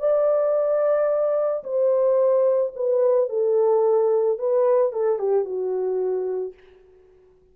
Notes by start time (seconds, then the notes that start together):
0.00 D5
1.64 C5
2.76 B4
3.29 A4
4.39 B4
4.92 A4
5.19 G4
5.45 F#4